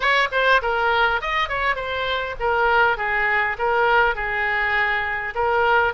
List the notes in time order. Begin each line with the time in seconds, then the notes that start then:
0.00 C#5
0.31 C5
0.62 A#4
1.21 D#5
1.48 C#5
1.75 C5
2.39 A#4
2.97 G#4
3.58 A#4
4.15 G#4
5.34 A#4